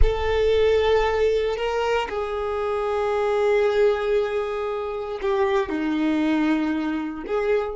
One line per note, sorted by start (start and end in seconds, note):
0.02 1.56 A4
1.56 2.08 A#4
2.09 5.19 G#4
5.21 5.69 G4
5.69 7.24 D#4
7.26 7.75 G#4